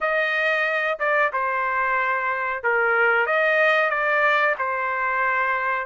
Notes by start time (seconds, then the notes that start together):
0.01 D#5
0.99 D5
1.32 C5
2.63 A#4
3.26 D#5
3.90 D5
4.58 C5